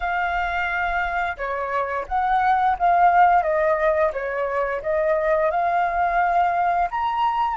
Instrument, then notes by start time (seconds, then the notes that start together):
flute
0.00 F5
1.37 C#5
2.08 F#5
2.79 F5
3.42 D#5
4.12 C#5
4.82 D#5
5.50 F5
6.90 A#5